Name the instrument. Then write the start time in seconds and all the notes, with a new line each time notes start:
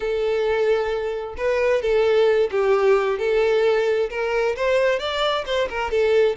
violin
0.00 A4
1.37 B4
1.82 A4
2.51 G4
3.18 A4
4.10 A#4
4.56 C5
4.99 D5
5.45 C5
5.69 A#4
5.90 A4